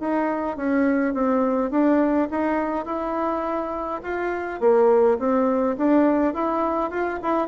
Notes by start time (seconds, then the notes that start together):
0.00 D#4
0.57 C#4
1.14 C4
1.71 D4
2.31 D#4
2.86 E4
4.03 F4
4.60 A#3
5.19 C4
5.78 D4
6.34 E4
6.91 F4
7.22 E4